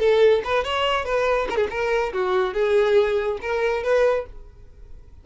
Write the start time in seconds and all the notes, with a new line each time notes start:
0.00 A4
0.45 B4
0.65 C#5
1.06 B4
1.50 A#4
1.57 G#4
1.71 A#4
2.13 F#4
2.54 G#4
3.42 A#4
3.84 B4